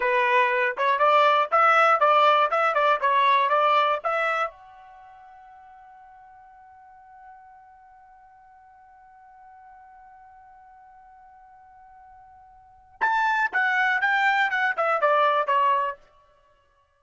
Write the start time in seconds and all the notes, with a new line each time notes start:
0.00 B4
0.77 C#5
0.99 D5
1.51 E5
2.00 D5
2.50 E5
2.74 D5
3.00 C#5
3.49 D5
4.03 E5
4.50 F#5
13.01 A5
13.52 F#5
14.01 G5
14.50 F#5
14.77 E5
15.01 D5
15.47 C#5